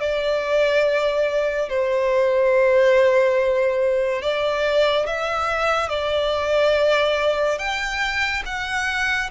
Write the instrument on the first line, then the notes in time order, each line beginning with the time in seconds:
violin
0.00 D5
1.69 C5
4.22 D5
5.06 E5
5.89 D5
7.58 G5
8.45 F#5